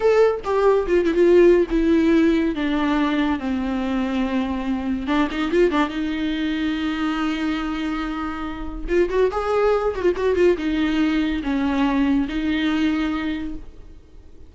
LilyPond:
\new Staff \with { instrumentName = "viola" } { \time 4/4 \tempo 4 = 142 a'4 g'4 f'8 e'16 f'4~ f'16 | e'2 d'2 | c'1 | d'8 dis'8 f'8 d'8 dis'2~ |
dis'1~ | dis'4 f'8 fis'8 gis'4. fis'16 f'16 | fis'8 f'8 dis'2 cis'4~ | cis'4 dis'2. | }